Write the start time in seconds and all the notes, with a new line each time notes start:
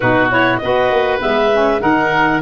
0.00 B2 D#4 F#4 B4
0.30 E4 C#5
0.57 B3 F#4 D#5
0.64 B4
0.90 A#3
1.19 G#3 B3 E5
1.52 C#4
1.79 D#3 D#4 A#4 F#5